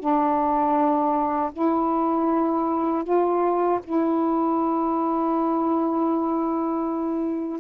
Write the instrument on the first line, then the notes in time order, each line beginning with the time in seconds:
saxophone
0.00 D4
1.53 E4
3.04 F4
3.84 E4